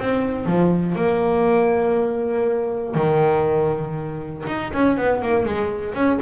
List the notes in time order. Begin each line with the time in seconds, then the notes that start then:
0.00 C4
0.46 F3
0.96 A#3
2.95 D#3
4.47 D#4
4.74 C#4
4.97 B3
5.22 A#3
5.45 G#3
5.94 C#4